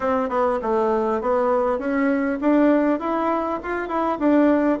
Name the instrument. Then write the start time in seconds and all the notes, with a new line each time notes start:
bassoon
0.00 C4
0.29 B3
0.62 A3
1.21 B3
1.78 C#4
2.41 D4
2.99 E4
3.62 F4
3.88 E4
4.19 D4